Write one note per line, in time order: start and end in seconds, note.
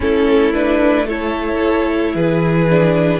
0.00 2.14 A3
0.00 0.52 C#4
0.00 1.06 E4
0.00 0.53 A4
0.53 1.07 D4
0.53 1.06 B4
1.06 2.69 E4
1.06 2.13 A4
1.06 2.15 C#5
2.14 3.20 E3
2.14 3.20 G#4
2.14 3.20 B4
2.69 3.20 D4